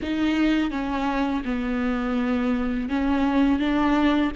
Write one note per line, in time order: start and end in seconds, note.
0.02 0.70 D#4
0.70 1.43 C#4
1.45 2.89 B3
2.89 3.59 C#4
3.59 4.31 D4